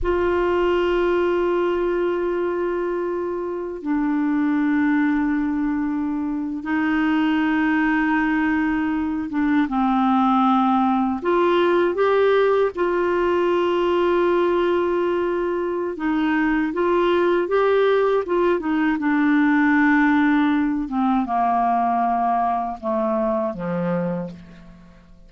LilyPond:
\new Staff \with { instrumentName = "clarinet" } { \time 4/4 \tempo 4 = 79 f'1~ | f'4 d'2.~ | d'8. dis'2.~ dis'16~ | dis'16 d'8 c'2 f'4 g'16~ |
g'8. f'2.~ f'16~ | f'4 dis'4 f'4 g'4 | f'8 dis'8 d'2~ d'8 c'8 | ais2 a4 f4 | }